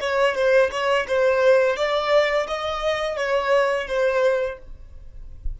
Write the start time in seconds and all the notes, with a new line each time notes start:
0.00 C#5
0.35 C5
0.71 C#5
1.07 C5
1.76 D5
2.47 D#5
3.16 C#5
3.87 C5